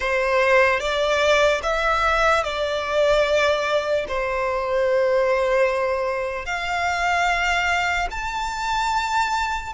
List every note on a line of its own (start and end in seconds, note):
0.00 0.80 C5
0.80 1.61 D5
1.63 2.43 E5
2.43 4.05 D5
4.08 6.45 C5
6.45 8.07 F5
8.10 9.73 A5